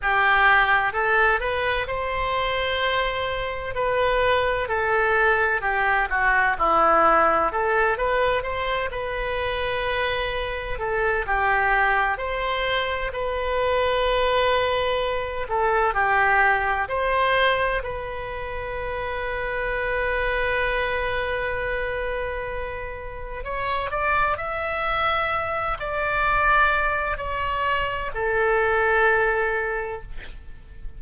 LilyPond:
\new Staff \with { instrumentName = "oboe" } { \time 4/4 \tempo 4 = 64 g'4 a'8 b'8 c''2 | b'4 a'4 g'8 fis'8 e'4 | a'8 b'8 c''8 b'2 a'8 | g'4 c''4 b'2~ |
b'8 a'8 g'4 c''4 b'4~ | b'1~ | b'4 cis''8 d''8 e''4. d''8~ | d''4 cis''4 a'2 | }